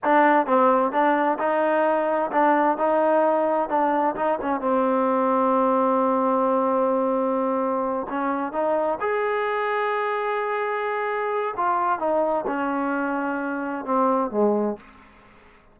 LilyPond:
\new Staff \with { instrumentName = "trombone" } { \time 4/4 \tempo 4 = 130 d'4 c'4 d'4 dis'4~ | dis'4 d'4 dis'2 | d'4 dis'8 cis'8 c'2~ | c'1~ |
c'4. cis'4 dis'4 gis'8~ | gis'1~ | gis'4 f'4 dis'4 cis'4~ | cis'2 c'4 gis4 | }